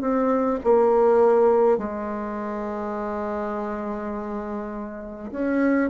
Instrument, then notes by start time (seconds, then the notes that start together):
bassoon
0.00 C4
0.64 A#3
1.78 G#3
5.31 C#4